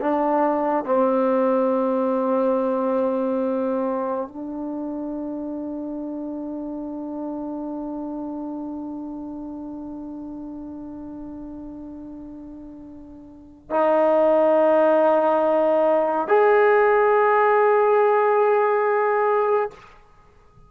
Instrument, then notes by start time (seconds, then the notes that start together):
trombone
0.00 D4
0.85 C4
4.28 D4
13.70 D#4
16.27 G#4